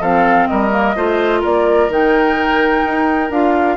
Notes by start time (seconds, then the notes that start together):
0.00 F3 C4 A4 F5
0.47 G3 A#4 D#5
0.70 A#3
0.95 A3 F4 C5
1.40 A#3 A#4 D5
1.89 D#3 D#4 G5
2.85 D#4
3.30 D4 F4 F5